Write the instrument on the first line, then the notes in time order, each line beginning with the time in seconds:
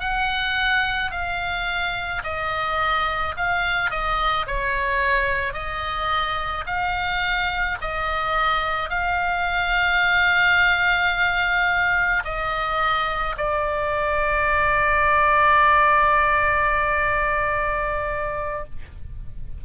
oboe
0.00 F#5
1.12 F5
2.24 D#5
3.37 F5
3.90 D#5
4.47 C#5
5.54 D#5
6.67 F5
7.81 D#5
8.90 F5
12.25 D#5
13.37 D5